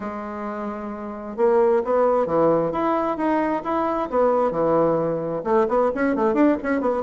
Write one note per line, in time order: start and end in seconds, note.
0.00 1.36 G#3
1.36 1.82 A#3
1.84 2.26 B3
2.26 2.71 E3
2.72 3.17 E4
3.17 3.62 D#4
3.63 4.09 E4
4.10 4.51 B3
4.51 5.42 E3
5.44 5.66 A3
5.68 5.91 B3
5.94 6.15 C#4
6.15 6.34 A3
6.34 6.56 D4
6.62 6.80 C#4
6.80 7.02 B3